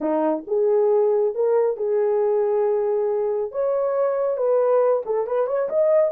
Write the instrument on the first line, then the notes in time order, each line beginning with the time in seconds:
horn
0.00 D#4
0.47 G#4
1.34 A#4
1.77 G#4
3.51 C#5
4.37 B4
5.05 A4
5.26 B4
5.46 C#5
5.69 D#5